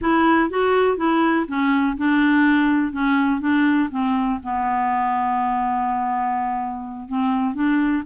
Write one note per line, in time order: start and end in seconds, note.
0.01 0.49 E4
0.50 0.97 F#4
0.97 1.46 E4
1.48 1.96 C#4
1.97 2.92 D4
2.92 3.40 C#4
3.40 3.89 D4
3.90 4.39 C4
4.43 7.08 B3
7.08 7.54 C4
7.54 8.03 D4